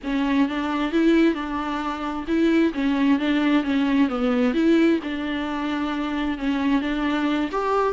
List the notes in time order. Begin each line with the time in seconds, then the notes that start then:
0.03 C#4
0.48 D4
0.92 E4
1.34 D4
2.27 E4
2.73 C#4
3.19 D4
3.63 C#4
4.08 B3
4.54 E4
5.03 D4
6.38 C#4
6.81 D4
7.51 G4